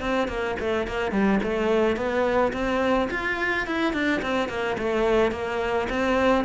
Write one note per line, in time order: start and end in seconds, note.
0.00 0.28 C4
0.28 0.56 A#3
0.60 0.87 A3
0.87 1.12 A#3
1.12 1.40 G3
1.43 1.97 A3
1.97 2.53 B3
2.53 3.09 C4
3.11 3.67 F4
3.67 3.94 E4
3.94 4.22 D4
4.22 4.49 C4
4.49 4.77 A#3
4.78 5.32 A3
5.32 5.88 A#3
5.90 6.45 C4